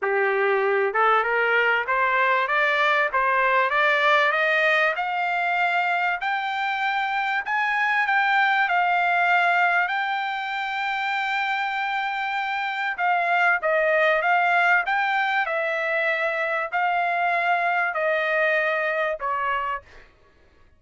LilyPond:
\new Staff \with { instrumentName = "trumpet" } { \time 4/4 \tempo 4 = 97 g'4. a'8 ais'4 c''4 | d''4 c''4 d''4 dis''4 | f''2 g''2 | gis''4 g''4 f''2 |
g''1~ | g''4 f''4 dis''4 f''4 | g''4 e''2 f''4~ | f''4 dis''2 cis''4 | }